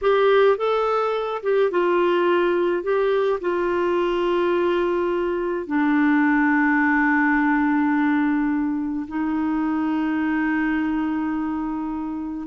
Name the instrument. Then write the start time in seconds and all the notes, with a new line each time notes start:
clarinet
0.01 G4
0.57 A4
1.42 G4
1.71 F4
2.83 G4
3.41 F4
5.67 D4
9.07 D#4